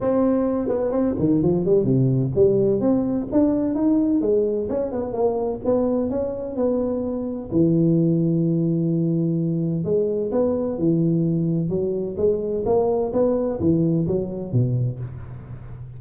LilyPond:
\new Staff \with { instrumentName = "tuba" } { \time 4/4 \tempo 4 = 128 c'4. b8 c'8 dis8 f8 g8 | c4 g4 c'4 d'4 | dis'4 gis4 cis'8 b8 ais4 | b4 cis'4 b2 |
e1~ | e4 gis4 b4 e4~ | e4 fis4 gis4 ais4 | b4 e4 fis4 b,4 | }